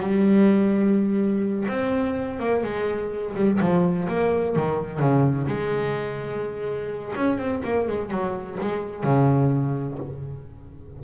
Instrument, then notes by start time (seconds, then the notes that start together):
double bass
0.00 G3
1.68 C4
2.40 A#3
2.63 G#3
3.35 G3
3.61 F3
4.08 A#3
4.56 D#3
5.00 C#3
5.48 G#3
7.16 C#4
7.39 C4
7.64 A#3
7.88 G#3
8.11 F#3
8.61 G#3
9.04 C#3